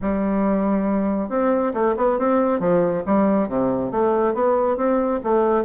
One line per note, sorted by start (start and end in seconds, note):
0.01 1.29 G3
1.29 1.73 C4
1.73 1.95 A3
1.96 2.18 B3
2.18 2.59 C4
2.59 3.03 F3
3.06 3.48 G3
3.48 3.91 C3
3.91 4.34 A3
4.34 4.76 B3
4.76 5.20 C4
5.23 5.64 A3